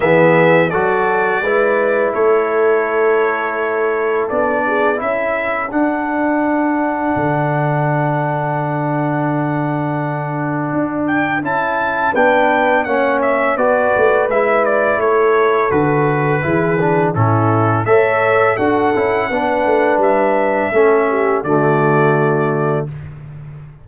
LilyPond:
<<
  \new Staff \with { instrumentName = "trumpet" } { \time 4/4 \tempo 4 = 84 e''4 d''2 cis''4~ | cis''2 d''4 e''4 | fis''1~ | fis''2.~ fis''8 g''8 |
a''4 g''4 fis''8 e''8 d''4 | e''8 d''8 cis''4 b'2 | a'4 e''4 fis''2 | e''2 d''2 | }
  \new Staff \with { instrumentName = "horn" } { \time 4/4 gis'4 a'4 b'4 a'4~ | a'2~ a'8 gis'8 a'4~ | a'1~ | a'1~ |
a'4 b'4 cis''4 b'4~ | b'4 a'2 gis'4 | e'4 cis''4 a'4 b'4~ | b'4 a'8 g'8 fis'2 | }
  \new Staff \with { instrumentName = "trombone" } { \time 4/4 b4 fis'4 e'2~ | e'2 d'4 e'4 | d'1~ | d'1 |
e'4 d'4 cis'4 fis'4 | e'2 fis'4 e'8 d'8 | cis'4 a'4 fis'8 e'8 d'4~ | d'4 cis'4 a2 | }
  \new Staff \with { instrumentName = "tuba" } { \time 4/4 e4 fis4 gis4 a4~ | a2 b4 cis'4 | d'2 d2~ | d2. d'4 |
cis'4 b4 ais4 b8 a8 | gis4 a4 d4 e4 | a,4 a4 d'8 cis'8 b8 a8 | g4 a4 d2 | }
>>